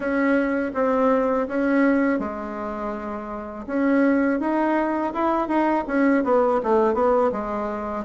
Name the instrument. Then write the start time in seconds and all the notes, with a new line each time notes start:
bassoon
0.00 C#4
0.74 C4
1.47 C#4
2.19 G#3
3.67 C#4
4.40 D#4
5.13 E4
5.47 D#4
5.87 C#4
6.24 B3
6.63 A3
6.94 B3
7.32 G#3